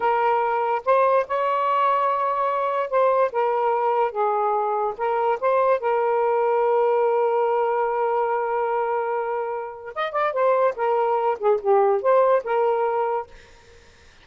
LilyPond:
\new Staff \with { instrumentName = "saxophone" } { \time 4/4 \tempo 4 = 145 ais'2 c''4 cis''4~ | cis''2. c''4 | ais'2 gis'2 | ais'4 c''4 ais'2~ |
ais'1~ | ais'1 | dis''8 d''8 c''4 ais'4. gis'8 | g'4 c''4 ais'2 | }